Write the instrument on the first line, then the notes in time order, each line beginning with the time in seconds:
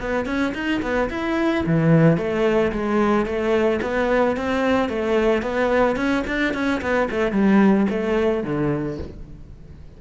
cello
0.00 B3
0.26 C#4
0.54 D#4
0.82 B3
1.10 E4
1.66 E3
2.17 A3
2.72 G#3
3.26 A3
3.82 B3
4.37 C4
4.89 A3
5.42 B3
5.96 C#4
6.27 D4
6.54 C#4
6.81 B3
7.10 A3
7.32 G3
7.90 A3
8.43 D3